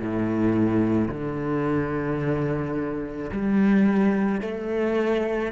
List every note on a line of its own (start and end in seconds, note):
0.00 1.09 A2
1.09 3.31 D3
3.32 4.41 G3
4.41 5.53 A3